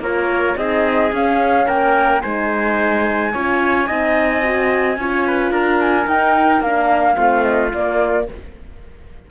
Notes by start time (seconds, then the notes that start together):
0.00 A#3 F4 A#4 C#5
0.57 C4 D#4 G#4 D#5
1.12 C#4 F5
1.67 A#3 A#4 G5
2.21 G#3 D#4 C5 G#5
3.33 C#4 F4 C#5
3.87 C4 D#4 D#5
4.42 F#4
4.98 C#4 F4 C#5
5.27 B4
5.51 D4 A#4 A#5
5.81 G#5
6.06 D#4 G5
6.61 A#3 D4 F5
7.15 A3 C4 F4
7.43 D#5
7.73 A#3 D5